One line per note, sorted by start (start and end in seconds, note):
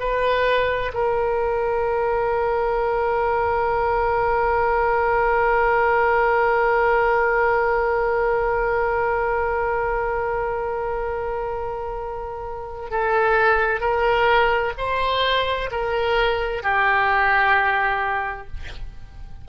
0.00 0.92 B4
0.94 12.91 A#4
12.91 13.81 A4
13.81 14.73 A#4
14.78 15.70 C5
15.71 16.63 A#4
16.63 18.48 G4